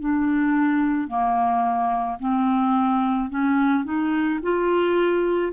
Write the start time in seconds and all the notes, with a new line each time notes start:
0.00 D4
1.08 A#3
2.19 C4
3.30 C#4
3.84 D#4
4.42 F4